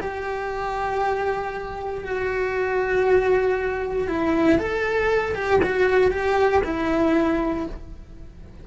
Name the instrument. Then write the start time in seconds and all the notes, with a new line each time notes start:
cello
0.00 G4
2.04 F#4
4.07 E4
4.58 A4
5.34 G4
5.63 F#4
6.11 G4
6.64 E4